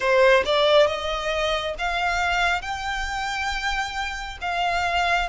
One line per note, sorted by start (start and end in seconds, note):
0.00 0.43 C5
0.45 0.86 D5
0.86 1.74 D#5
1.78 2.61 F5
2.61 4.38 G5
4.41 5.29 F5